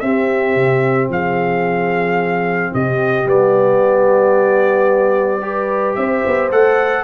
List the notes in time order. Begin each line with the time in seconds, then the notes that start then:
0.00 C4 G4 E5
0.56 C3
1.09 F3 G#4 F5
2.73 C3 G4 D#5
3.26 G3 B3 D5
5.42 G4 B4
5.95 C4 C5 E5
6.26 B3
6.51 A3 A4 F#5